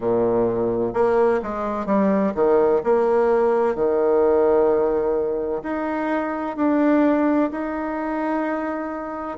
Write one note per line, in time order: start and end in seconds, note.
0.00 0.93 A#2
0.93 1.40 A#3
1.42 1.86 G#3
1.86 2.33 G3
2.34 2.81 D#3
2.83 3.75 A#3
3.75 5.62 D#3
5.62 6.56 D#4
6.56 7.50 D4
7.51 9.37 D#4